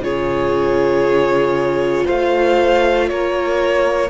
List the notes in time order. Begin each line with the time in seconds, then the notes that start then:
0.00 C#3 F4 G#4 C#5
2.05 A3 C5 F5
3.08 A#3 A#4 C#5